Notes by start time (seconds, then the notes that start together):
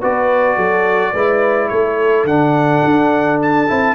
0.00 B3 F#4 B4 D5
0.56 F#3 A4
1.12 G#3 E4 B4
1.69 A3 A4 C#5
2.24 D3 D4 F#5
2.85 D4
3.42 A5
3.68 C4 E4